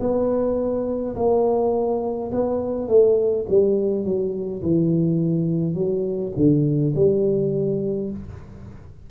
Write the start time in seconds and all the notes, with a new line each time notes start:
0.00 B3
1.16 A#3
2.32 B3
2.88 A3
3.49 G3
4.04 F#3
4.63 E3
5.75 F#3
6.36 D3
6.95 G3